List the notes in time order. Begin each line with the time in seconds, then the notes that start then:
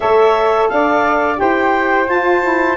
0.00 A3 A4 C#5 E5
0.68 D4 D5 F5
1.35 E4 G4 C5 G5
2.08 F4 A5
2.42 E4